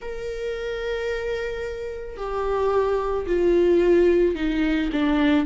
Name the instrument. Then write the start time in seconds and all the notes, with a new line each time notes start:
viola
0.01 A#4
2.17 G4
3.26 F4
4.35 D#4
4.92 D4